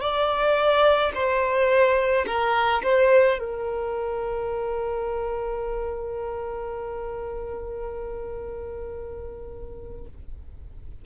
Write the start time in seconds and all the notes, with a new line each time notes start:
0.00 D5
1.14 C5
2.26 A#4
2.83 C5
3.38 A#4